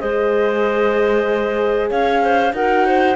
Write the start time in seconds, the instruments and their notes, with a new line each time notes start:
0.00 cello G#3, horn G#4, clarinet C5, flute D#5
1.90 cello C#4, clarinet C#5, flute F5
2.22 clarinet C5
2.53 cello D#4, horn F#4, clarinet A#4, flute F#5
2.87 clarinet C5